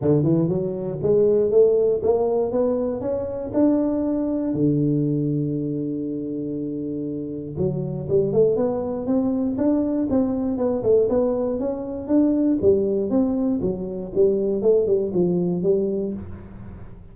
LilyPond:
\new Staff \with { instrumentName = "tuba" } { \time 4/4 \tempo 4 = 119 d8 e8 fis4 gis4 a4 | ais4 b4 cis'4 d'4~ | d'4 d2.~ | d2. fis4 |
g8 a8 b4 c'4 d'4 | c'4 b8 a8 b4 cis'4 | d'4 g4 c'4 fis4 | g4 a8 g8 f4 g4 | }